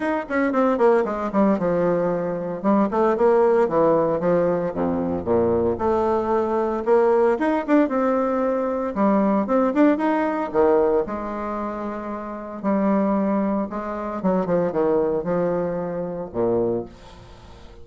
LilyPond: \new Staff \with { instrumentName = "bassoon" } { \time 4/4 \tempo 4 = 114 dis'8 cis'8 c'8 ais8 gis8 g8 f4~ | f4 g8 a8 ais4 e4 | f4 f,4 ais,4 a4~ | a4 ais4 dis'8 d'8 c'4~ |
c'4 g4 c'8 d'8 dis'4 | dis4 gis2. | g2 gis4 fis8 f8 | dis4 f2 ais,4 | }